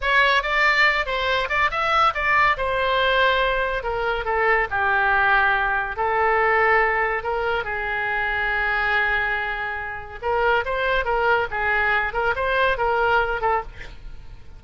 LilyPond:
\new Staff \with { instrumentName = "oboe" } { \time 4/4 \tempo 4 = 141 cis''4 d''4. c''4 d''8 | e''4 d''4 c''2~ | c''4 ais'4 a'4 g'4~ | g'2 a'2~ |
a'4 ais'4 gis'2~ | gis'1 | ais'4 c''4 ais'4 gis'4~ | gis'8 ais'8 c''4 ais'4. a'8 | }